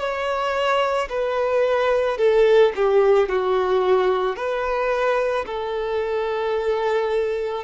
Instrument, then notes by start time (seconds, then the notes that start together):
violin
0.00 C#5
1.10 B4
2.18 A4
2.76 G4
3.29 F#4
4.36 B4
5.47 A4